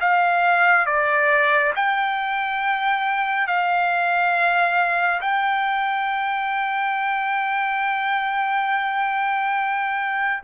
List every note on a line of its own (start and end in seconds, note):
0.00 0.85 F5
0.85 1.72 D5
1.75 3.47 G5
3.47 5.21 F5
5.21 10.43 G5